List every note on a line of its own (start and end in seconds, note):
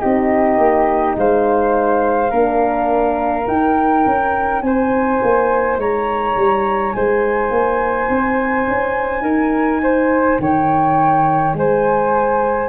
0.00 0.58 C4
0.00 2.32 D#4
0.00 1.17 G4
0.00 1.15 D#5
0.58 1.16 A#3
1.17 2.31 G#3
1.17 2.31 C5
1.17 3.48 F5
2.31 3.46 A#3
2.31 3.46 D4
2.31 4.62 A#4
3.46 12.69 D#4
3.46 4.06 D#4
3.46 4.62 G5
4.06 4.62 C#4
4.62 5.20 C4
4.62 5.81 C5
4.62 5.78 G#5
5.23 5.78 A#3
5.78 6.36 G#3
5.78 6.96 C#5
5.78 6.93 A#5
6.37 6.94 G3
6.93 7.51 G#3
6.93 9.23 C5
6.93 10.39 G#5
7.51 8.09 A#3
8.10 8.68 C4
8.68 9.22 C#4
9.22 10.37 D#4
9.22 9.81 A#4
9.83 10.41 C5
10.40 11.54 D#3
10.40 11.57 C#5
10.40 11.56 G5
11.54 12.69 G#3
11.54 12.69 C5
11.54 12.69 G#5